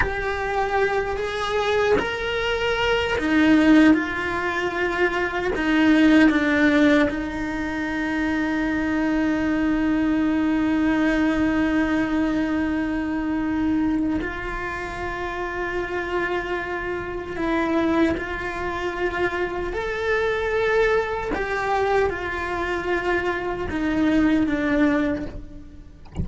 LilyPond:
\new Staff \with { instrumentName = "cello" } { \time 4/4 \tempo 4 = 76 g'4. gis'4 ais'4. | dis'4 f'2 dis'4 | d'4 dis'2.~ | dis'1~ |
dis'2 f'2~ | f'2 e'4 f'4~ | f'4 a'2 g'4 | f'2 dis'4 d'4 | }